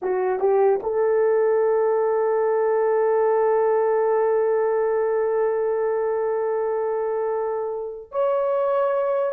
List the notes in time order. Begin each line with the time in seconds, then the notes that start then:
0.02 F#4
0.39 G4
0.83 A4
8.11 C#5